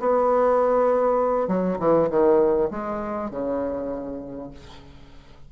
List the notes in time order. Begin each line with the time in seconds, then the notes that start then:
0.00 B3
1.48 F#3
1.79 E3
2.10 D#3
2.71 G#3
3.31 C#3